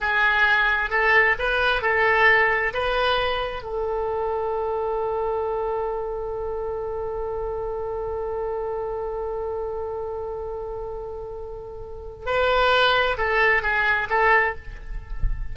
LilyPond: \new Staff \with { instrumentName = "oboe" } { \time 4/4 \tempo 4 = 132 gis'2 a'4 b'4 | a'2 b'2 | a'1~ | a'1~ |
a'1~ | a'1~ | a'2. b'4~ | b'4 a'4 gis'4 a'4 | }